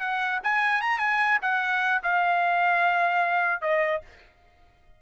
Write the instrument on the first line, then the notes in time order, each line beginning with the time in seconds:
trumpet
0.00 F#5
0.43 G#5
0.81 A#5
0.99 G#5
1.42 F#5
2.03 F5
3.61 D#5